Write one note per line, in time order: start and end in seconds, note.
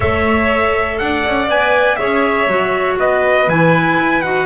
0.00 0.98 A3
0.00 1.47 A4
0.00 0.99 C#5
0.00 0.98 E5
0.98 1.25 D4
0.98 1.98 D5
0.98 1.48 F#5
1.26 1.48 C#4
1.48 1.97 B3
1.48 1.97 B4
1.48 1.96 G#5
1.96 2.47 C#4
1.96 2.47 G#4
1.96 2.97 C#5
1.96 2.95 E5
2.47 2.96 F#3
2.47 3.47 F#4
2.97 3.47 B3
2.97 4.46 B4
2.97 3.49 D#5
3.47 3.97 E3
3.47 4.22 E4
3.47 4.21 G#5
3.98 4.23 E4
4.21 4.46 D#4
4.21 4.46 F#4
4.21 4.46 F#5